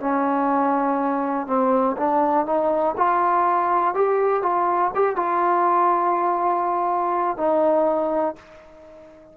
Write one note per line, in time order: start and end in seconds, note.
0.00 1.46 C#4
1.46 1.96 C4
1.97 2.46 D4
2.46 2.95 D#4
2.97 3.95 F4
3.95 4.42 G4
4.42 4.91 F4
4.94 5.16 G4
5.16 7.37 F4
7.37 8.35 D#4